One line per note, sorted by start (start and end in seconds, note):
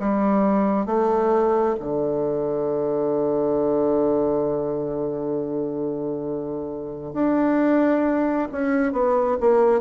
0.00 0.87 G3
0.87 1.76 A3
1.80 7.14 D3
7.14 8.49 D4
8.52 8.93 C#4
8.93 9.38 B3
9.41 9.81 A#3